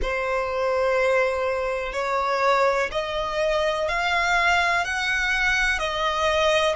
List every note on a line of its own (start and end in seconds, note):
0.01 1.92 C5
1.92 2.89 C#5
2.91 3.88 D#5
3.88 4.84 F5
4.84 5.78 F#5
5.78 6.75 D#5